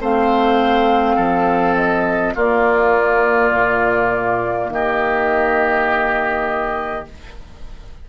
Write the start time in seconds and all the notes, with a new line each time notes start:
0.00 A3 C4 C5 F5
1.16 F3 A4
1.76 D#5
2.34 A#3 F4 D5
3.51 A#2
4.68 D#3 G4 D#5